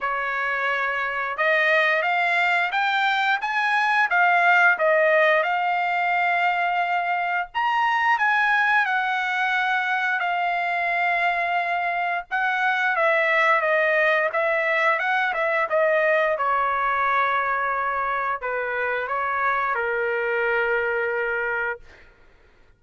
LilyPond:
\new Staff \with { instrumentName = "trumpet" } { \time 4/4 \tempo 4 = 88 cis''2 dis''4 f''4 | g''4 gis''4 f''4 dis''4 | f''2. ais''4 | gis''4 fis''2 f''4~ |
f''2 fis''4 e''4 | dis''4 e''4 fis''8 e''8 dis''4 | cis''2. b'4 | cis''4 ais'2. | }